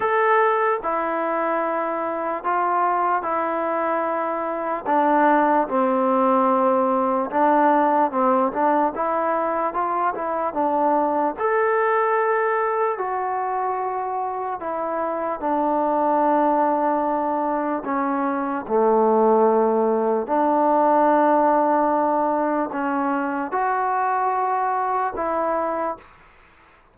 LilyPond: \new Staff \with { instrumentName = "trombone" } { \time 4/4 \tempo 4 = 74 a'4 e'2 f'4 | e'2 d'4 c'4~ | c'4 d'4 c'8 d'8 e'4 | f'8 e'8 d'4 a'2 |
fis'2 e'4 d'4~ | d'2 cis'4 a4~ | a4 d'2. | cis'4 fis'2 e'4 | }